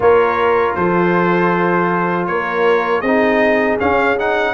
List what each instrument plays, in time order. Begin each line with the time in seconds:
0.00 tuba A#3, trombone F4, horn A#4, trumpet C#5
0.74 tuba F3, horn A4, trumpet C5
2.26 tuba A#3, horn A#4, trumpet C#5
3.00 tuba C4, horn G#4, trumpet D#5
3.06 trombone D#4
3.79 trombone C#4, tuba C#4, trumpet F5
4.17 trombone D#4, trumpet F#5